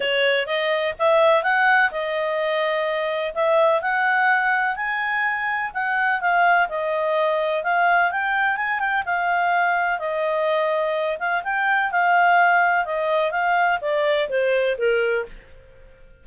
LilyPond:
\new Staff \with { instrumentName = "clarinet" } { \time 4/4 \tempo 4 = 126 cis''4 dis''4 e''4 fis''4 | dis''2. e''4 | fis''2 gis''2 | fis''4 f''4 dis''2 |
f''4 g''4 gis''8 g''8 f''4~ | f''4 dis''2~ dis''8 f''8 | g''4 f''2 dis''4 | f''4 d''4 c''4 ais'4 | }